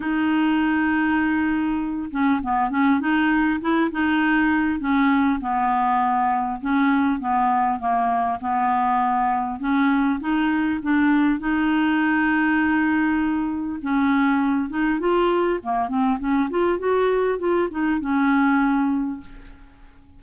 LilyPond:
\new Staff \with { instrumentName = "clarinet" } { \time 4/4 \tempo 4 = 100 dis'2.~ dis'8 cis'8 | b8 cis'8 dis'4 e'8 dis'4. | cis'4 b2 cis'4 | b4 ais4 b2 |
cis'4 dis'4 d'4 dis'4~ | dis'2. cis'4~ | cis'8 dis'8 f'4 ais8 c'8 cis'8 f'8 | fis'4 f'8 dis'8 cis'2 | }